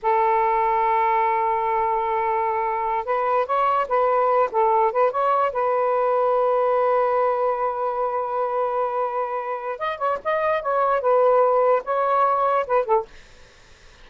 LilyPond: \new Staff \with { instrumentName = "saxophone" } { \time 4/4 \tempo 4 = 147 a'1~ | a'2.~ a'8 b'8~ | b'8 cis''4 b'4. a'4 | b'8 cis''4 b'2~ b'8~ |
b'1~ | b'1 | dis''8 cis''8 dis''4 cis''4 b'4~ | b'4 cis''2 b'8 a'8 | }